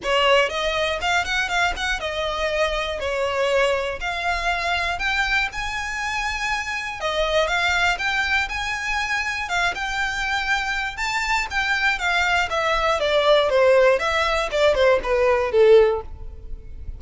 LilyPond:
\new Staff \with { instrumentName = "violin" } { \time 4/4 \tempo 4 = 120 cis''4 dis''4 f''8 fis''8 f''8 fis''8 | dis''2 cis''2 | f''2 g''4 gis''4~ | gis''2 dis''4 f''4 |
g''4 gis''2 f''8 g''8~ | g''2 a''4 g''4 | f''4 e''4 d''4 c''4 | e''4 d''8 c''8 b'4 a'4 | }